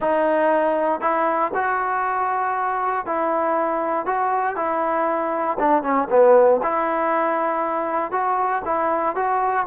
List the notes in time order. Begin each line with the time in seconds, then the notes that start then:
0.00 D#4
1.00 E4
1.54 F#4
3.05 E4
4.05 F#4
4.56 E4
5.59 D4
5.82 C#4
6.10 B3
6.62 E4
8.11 F#4
8.65 E4
9.15 F#4